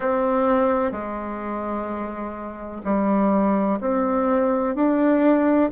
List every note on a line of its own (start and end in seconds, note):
0.00 0.91 C4
0.91 2.82 G#3
2.84 3.79 G3
3.80 4.74 C4
4.74 5.70 D4